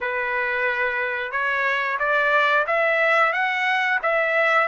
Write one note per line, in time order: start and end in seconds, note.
0.00 1.31 B4
1.31 1.98 C#5
1.99 2.65 D5
2.66 3.32 E5
3.32 3.99 F#5
4.02 4.67 E5